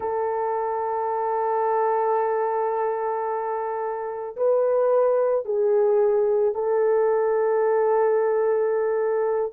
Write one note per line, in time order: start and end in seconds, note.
0.00 4.36 A4
4.36 5.45 B4
5.45 6.54 G#4
6.54 9.53 A4